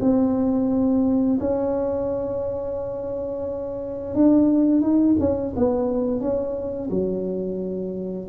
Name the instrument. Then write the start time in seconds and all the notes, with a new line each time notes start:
tuba
0.00 C4
1.40 C#4
4.14 D4
4.81 D#4
5.19 C#4
5.55 B3
6.20 C#4
6.90 F#3